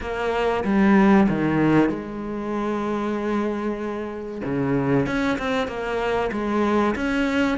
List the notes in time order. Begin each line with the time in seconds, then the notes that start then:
0.00 A#3
0.64 G3
1.29 D#3
1.89 G#3
4.44 C#3
5.06 C#4
5.38 C4
5.67 A#3
6.32 G#3
6.95 C#4